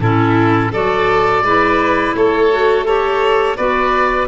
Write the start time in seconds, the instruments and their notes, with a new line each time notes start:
0.00 tuba A2, clarinet C#4, violin E4, oboe A4
0.72 tuba F#3, clarinet F#4, violin A4, oboe D5
1.42 tuba G#3, clarinet E4, violin B4
2.15 tuba A3, violin A4, oboe C#5
2.51 clarinet F#4
2.86 clarinet G4, oboe A4, violin C#5
3.57 tuba B3, clarinet F#4, violin B4, oboe D5